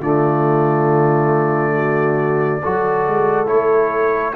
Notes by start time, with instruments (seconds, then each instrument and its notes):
0.00 tuba D3, trombone A3, horn F4, trumpet D5
1.76 horn F#4
2.62 tuba F#3, trombone F#4, horn A4
3.08 tuba G#3
3.47 tuba A3, trombone E4, trumpet C#5